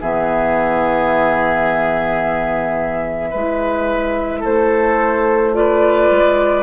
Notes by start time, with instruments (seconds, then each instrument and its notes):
0.00 bassoon E3, clarinet B3, oboe G#4, flute E5
3.29 bassoon G#3, clarinet E4, oboe B4
4.40 bassoon A3, oboe A4, flute C5
5.53 clarinet F4, oboe B4, flute D5
6.10 bassoon G#3